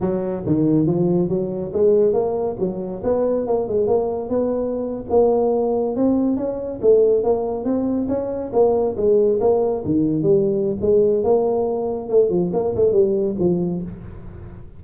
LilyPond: \new Staff \with { instrumentName = "tuba" } { \time 4/4 \tempo 4 = 139 fis4 dis4 f4 fis4 | gis4 ais4 fis4 b4 | ais8 gis8 ais4 b4.~ b16 ais16~ | ais4.~ ais16 c'4 cis'4 a16~ |
a8. ais4 c'4 cis'4 ais16~ | ais8. gis4 ais4 dis4 g16~ | g4 gis4 ais2 | a8 f8 ais8 a8 g4 f4 | }